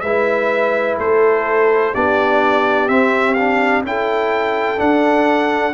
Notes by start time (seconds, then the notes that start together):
0.00 G#3 E4 B4 E5
0.98 A3 A4 C5
1.93 B3 D4 G4 D5
2.88 C4 E5
3.34 D4 F5
3.83 C#4 E4 A4 G5
4.77 D4 F#5